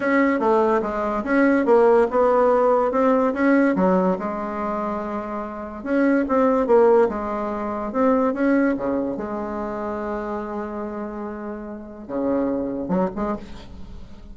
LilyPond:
\new Staff \with { instrumentName = "bassoon" } { \time 4/4 \tempo 4 = 144 cis'4 a4 gis4 cis'4 | ais4 b2 c'4 | cis'4 fis4 gis2~ | gis2 cis'4 c'4 |
ais4 gis2 c'4 | cis'4 cis4 gis2~ | gis1~ | gis4 cis2 fis8 gis8 | }